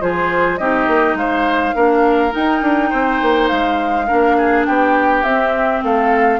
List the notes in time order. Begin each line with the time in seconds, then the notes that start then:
0.00 F3 F4 G#4 C5
0.57 C4 D#4 G4 D#5
0.87 A#3
1.14 G#3 C5 F5
1.74 A#3 D4 A#4
2.31 D#4 G5
2.61 D4
2.89 C4 C5
3.21 A#3
3.47 G#3 F5
4.06 A#3 D4 A#4
4.37 G#4
4.65 B3 G4 G5
5.23 C4 E5
5.83 A3 A4 F5